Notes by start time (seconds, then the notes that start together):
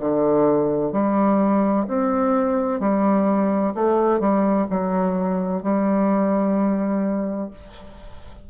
0.00 D3
0.92 G3
1.88 C4
2.80 G3
3.75 A3
4.20 G3
4.70 F#3
5.63 G3